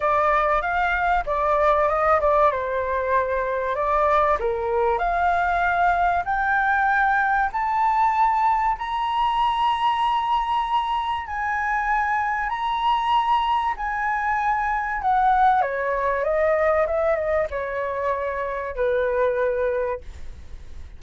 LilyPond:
\new Staff \with { instrumentName = "flute" } { \time 4/4 \tempo 4 = 96 d''4 f''4 d''4 dis''8 d''8 | c''2 d''4 ais'4 | f''2 g''2 | a''2 ais''2~ |
ais''2 gis''2 | ais''2 gis''2 | fis''4 cis''4 dis''4 e''8 dis''8 | cis''2 b'2 | }